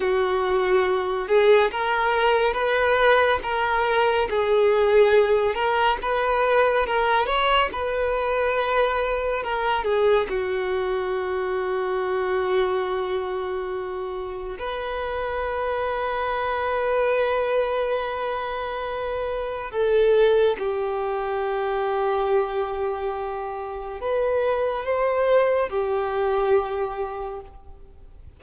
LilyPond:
\new Staff \with { instrumentName = "violin" } { \time 4/4 \tempo 4 = 70 fis'4. gis'8 ais'4 b'4 | ais'4 gis'4. ais'8 b'4 | ais'8 cis''8 b'2 ais'8 gis'8 | fis'1~ |
fis'4 b'2.~ | b'2. a'4 | g'1 | b'4 c''4 g'2 | }